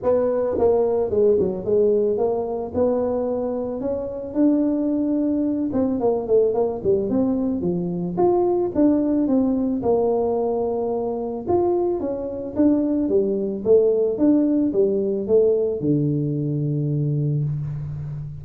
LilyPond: \new Staff \with { instrumentName = "tuba" } { \time 4/4 \tempo 4 = 110 b4 ais4 gis8 fis8 gis4 | ais4 b2 cis'4 | d'2~ d'8 c'8 ais8 a8 | ais8 g8 c'4 f4 f'4 |
d'4 c'4 ais2~ | ais4 f'4 cis'4 d'4 | g4 a4 d'4 g4 | a4 d2. | }